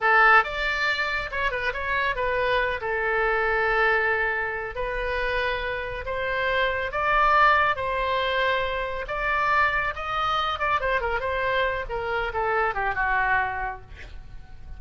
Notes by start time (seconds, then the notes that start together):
0.00 A4
0.43 D5
1.31 C#5
1.51 B4
1.73 C#5
2.15 B4
2.80 A4
4.75 B4
6.05 C5
6.91 D5
7.76 C5
9.07 D5
9.95 D#5
10.59 D5
10.80 C5
11.01 A#4
11.20 C5
11.89 A#4
12.33 A4
12.74 G4
12.95 F#4